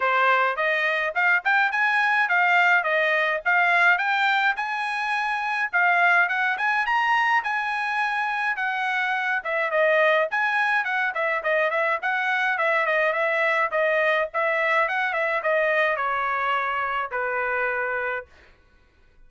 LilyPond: \new Staff \with { instrumentName = "trumpet" } { \time 4/4 \tempo 4 = 105 c''4 dis''4 f''8 g''8 gis''4 | f''4 dis''4 f''4 g''4 | gis''2 f''4 fis''8 gis''8 | ais''4 gis''2 fis''4~ |
fis''8 e''8 dis''4 gis''4 fis''8 e''8 | dis''8 e''8 fis''4 e''8 dis''8 e''4 | dis''4 e''4 fis''8 e''8 dis''4 | cis''2 b'2 | }